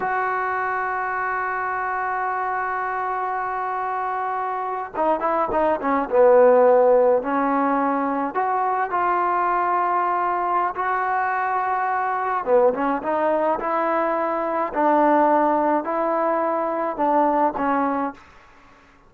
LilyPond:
\new Staff \with { instrumentName = "trombone" } { \time 4/4 \tempo 4 = 106 fis'1~ | fis'1~ | fis'8. dis'8 e'8 dis'8 cis'8 b4~ b16~ | b8. cis'2 fis'4 f'16~ |
f'2. fis'4~ | fis'2 b8 cis'8 dis'4 | e'2 d'2 | e'2 d'4 cis'4 | }